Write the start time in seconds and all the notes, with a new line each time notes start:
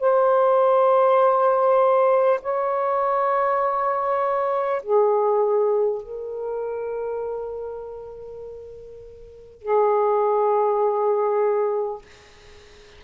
0.00 C5
2.43 C#5
4.83 G#4
6.03 A#4
9.62 G#4